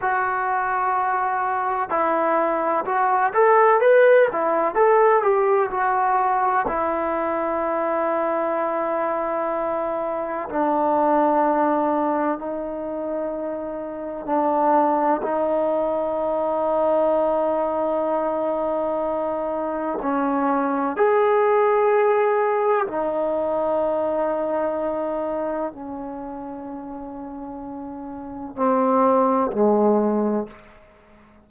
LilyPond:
\new Staff \with { instrumentName = "trombone" } { \time 4/4 \tempo 4 = 63 fis'2 e'4 fis'8 a'8 | b'8 e'8 a'8 g'8 fis'4 e'4~ | e'2. d'4~ | d'4 dis'2 d'4 |
dis'1~ | dis'4 cis'4 gis'2 | dis'2. cis'4~ | cis'2 c'4 gis4 | }